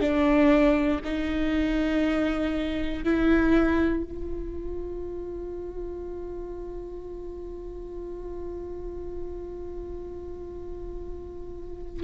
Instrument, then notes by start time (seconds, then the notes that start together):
viola
0.00 D4
1.04 D#4
3.03 E4
4.03 F4